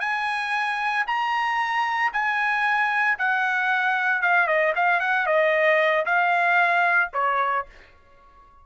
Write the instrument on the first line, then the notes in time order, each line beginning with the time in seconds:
trumpet
0.00 G#5
1.07 A#5
2.13 G#5
3.18 F#5
4.22 F5
4.47 D#5
4.76 F5
5.00 F#5
5.26 D#5
6.06 F5
7.13 C#5